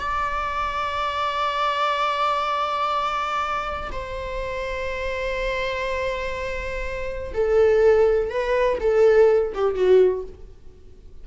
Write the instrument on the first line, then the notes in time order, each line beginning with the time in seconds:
viola
0.00 D5
3.92 C5
7.34 A4
8.30 B4
8.80 A4
9.54 G4
9.75 F#4